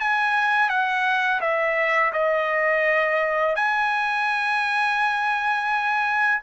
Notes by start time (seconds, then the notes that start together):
0.00 G#5
0.69 F#5
1.41 E5
2.13 D#5
3.56 G#5